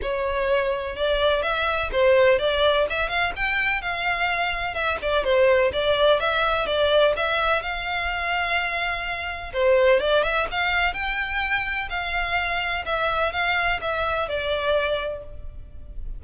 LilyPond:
\new Staff \with { instrumentName = "violin" } { \time 4/4 \tempo 4 = 126 cis''2 d''4 e''4 | c''4 d''4 e''8 f''8 g''4 | f''2 e''8 d''8 c''4 | d''4 e''4 d''4 e''4 |
f''1 | c''4 d''8 e''8 f''4 g''4~ | g''4 f''2 e''4 | f''4 e''4 d''2 | }